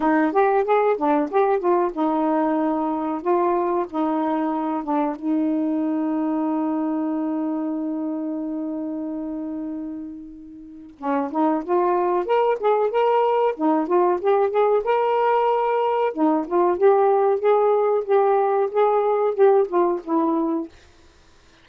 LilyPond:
\new Staff \with { instrumentName = "saxophone" } { \time 4/4 \tempo 4 = 93 dis'8 g'8 gis'8 d'8 g'8 f'8 dis'4~ | dis'4 f'4 dis'4. d'8 | dis'1~ | dis'1~ |
dis'4 cis'8 dis'8 f'4 ais'8 gis'8 | ais'4 dis'8 f'8 g'8 gis'8 ais'4~ | ais'4 dis'8 f'8 g'4 gis'4 | g'4 gis'4 g'8 f'8 e'4 | }